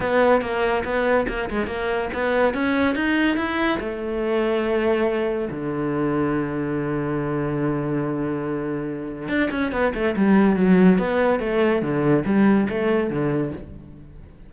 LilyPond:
\new Staff \with { instrumentName = "cello" } { \time 4/4 \tempo 4 = 142 b4 ais4 b4 ais8 gis8 | ais4 b4 cis'4 dis'4 | e'4 a2.~ | a4 d2.~ |
d1~ | d2 d'8 cis'8 b8 a8 | g4 fis4 b4 a4 | d4 g4 a4 d4 | }